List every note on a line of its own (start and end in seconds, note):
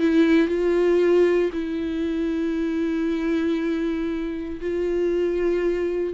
0.00 0.48 E4
0.48 1.51 F4
1.53 4.60 E4
4.61 6.14 F4